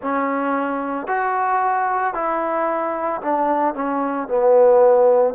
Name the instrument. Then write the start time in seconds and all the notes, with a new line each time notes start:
trombone
0.01 C#4
1.07 F#4
2.14 E4
3.21 D4
3.74 C#4
4.28 B3